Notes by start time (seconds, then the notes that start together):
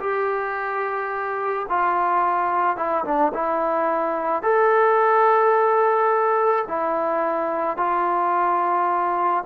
0.00 G4
1.69 F4
2.77 E4
3.05 D4
3.34 E4
4.43 A4
6.68 E4
7.77 F4